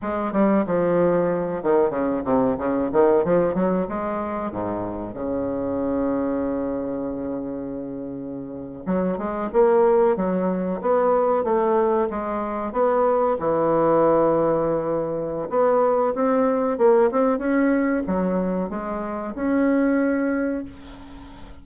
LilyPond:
\new Staff \with { instrumentName = "bassoon" } { \time 4/4 \tempo 4 = 93 gis8 g8 f4. dis8 cis8 c8 | cis8 dis8 f8 fis8 gis4 gis,4 | cis1~ | cis4.~ cis16 fis8 gis8 ais4 fis16~ |
fis8. b4 a4 gis4 b16~ | b8. e2.~ e16 | b4 c'4 ais8 c'8 cis'4 | fis4 gis4 cis'2 | }